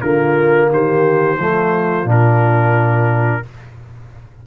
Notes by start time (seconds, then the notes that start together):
0.00 D3 A#3 F4 A#4
0.70 D#3 G4 C5
1.38 F3 A3 F4
2.04 A#2 D4 A#4